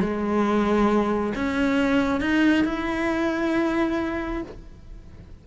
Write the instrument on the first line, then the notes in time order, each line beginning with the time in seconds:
cello
0.00 G#3
1.35 C#4
2.20 D#4
2.64 E4